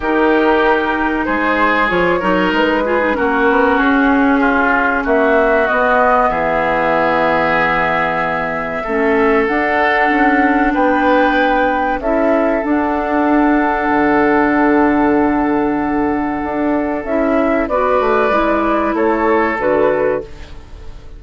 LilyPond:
<<
  \new Staff \with { instrumentName = "flute" } { \time 4/4 \tempo 4 = 95 ais'2 c''4 cis''4 | b'4 ais'4 gis'2 | e''4 dis''4 e''2~ | e''2. fis''4~ |
fis''4 g''2 e''4 | fis''1~ | fis''2. e''4 | d''2 cis''4 b'4 | }
  \new Staff \with { instrumentName = "oboe" } { \time 4/4 g'2 gis'4. ais'8~ | ais'8 gis'8 fis'2 f'4 | fis'2 gis'2~ | gis'2 a'2~ |
a'4 b'2 a'4~ | a'1~ | a'1 | b'2 a'2 | }
  \new Staff \with { instrumentName = "clarinet" } { \time 4/4 dis'2. f'8 dis'8~ | dis'8 f'16 dis'16 cis'2.~ | cis'4 b2.~ | b2 cis'4 d'4~ |
d'2. e'4 | d'1~ | d'2. e'4 | fis'4 e'2 fis'4 | }
  \new Staff \with { instrumentName = "bassoon" } { \time 4/4 dis2 gis4 f8 fis8 | gis4 ais8 b8 cis'2 | ais4 b4 e2~ | e2 a4 d'4 |
cis'4 b2 cis'4 | d'2 d2~ | d2 d'4 cis'4 | b8 a8 gis4 a4 d4 | }
>>